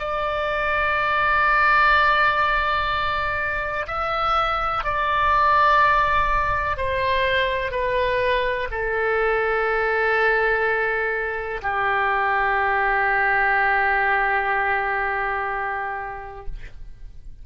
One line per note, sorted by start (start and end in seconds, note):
0.00 3.87 D5
3.88 4.84 E5
4.84 6.77 D5
6.77 7.72 C5
7.72 8.69 B4
8.71 11.62 A4
11.63 16.46 G4